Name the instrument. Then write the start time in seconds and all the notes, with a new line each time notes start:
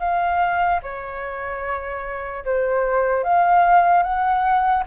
flute
0.00 F5
0.83 C#5
2.45 C5
3.24 F5
4.03 F#5